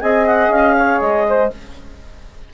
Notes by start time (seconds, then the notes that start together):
0.00 C4 G#4 D#5 G#5
0.27 F#5
0.49 C#4 F5
0.78 C#5
1.01 G#3 D#5
1.29 C5